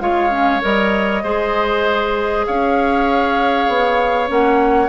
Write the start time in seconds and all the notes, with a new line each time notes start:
0.00 G#3 F4 C#5 F5
0.30 C#4
0.61 G3 A#4 D#5
1.23 G#3 G#4 C5
2.46 C#4 C#5 F5
3.68 B3
4.28 A#3 C#4 F#5